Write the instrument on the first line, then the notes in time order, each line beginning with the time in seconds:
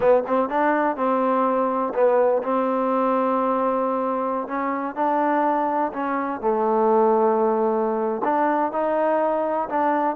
trombone
0.00 B3
0.27 C4
0.49 D4
0.96 C4
1.94 B3
2.42 C4
4.47 C#4
4.95 D4
5.93 C#4
6.40 A3
8.23 D4
8.72 D#4
9.69 D4